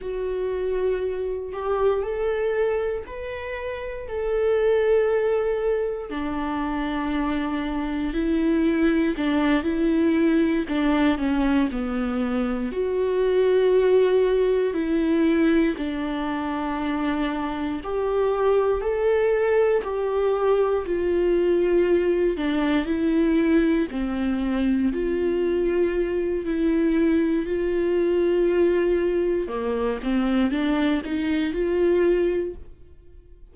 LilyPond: \new Staff \with { instrumentName = "viola" } { \time 4/4 \tempo 4 = 59 fis'4. g'8 a'4 b'4 | a'2 d'2 | e'4 d'8 e'4 d'8 cis'8 b8~ | b8 fis'2 e'4 d'8~ |
d'4. g'4 a'4 g'8~ | g'8 f'4. d'8 e'4 c'8~ | c'8 f'4. e'4 f'4~ | f'4 ais8 c'8 d'8 dis'8 f'4 | }